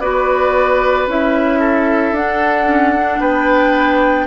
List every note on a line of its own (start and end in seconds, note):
0.00 1.07 B3
0.00 1.08 F#4
0.00 1.59 B4
0.00 1.07 D5
1.07 2.12 C#4
1.07 2.15 E4
1.07 2.16 E5
1.59 3.20 A4
2.12 3.19 D4
2.12 2.67 D4
2.12 3.20 F#5
2.67 2.94 C#4
2.96 4.27 D4
3.19 4.27 B3
3.19 4.27 B4
3.19 4.27 G5